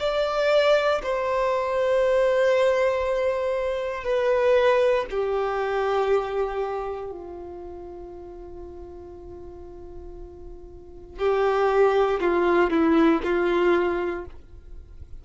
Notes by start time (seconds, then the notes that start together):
0.00 D5
1.03 C5
4.04 B4
5.10 G4
7.12 F4
11.19 G4
12.21 F4
12.70 E4
13.23 F4